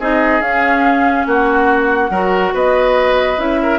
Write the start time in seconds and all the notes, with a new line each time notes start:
0.00 C4 D#4 G#4 D#5
0.41 C#4 F5
1.27 A#3 F#4 F#5
2.10 F#3 F#4 A#4
2.54 B3 B4 D#5
3.38 C#4 E4 E5
3.63 A#4